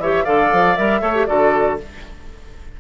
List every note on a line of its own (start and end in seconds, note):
0.00 0.25 E3
0.00 0.26 G4
0.00 0.25 C#5
0.00 0.26 E5
0.25 0.52 D3
0.25 0.77 A4
0.25 1.01 D5
0.25 0.76 F5
0.52 0.78 F3
0.76 1.02 G3
0.76 1.02 A#4
0.76 1.26 E5
1.02 1.27 A3
1.02 1.14 A4
1.02 1.27 C#5
1.15 1.27 G4
1.26 1.81 D3
1.26 1.78 F#4
1.26 1.80 A4
1.26 1.77 D5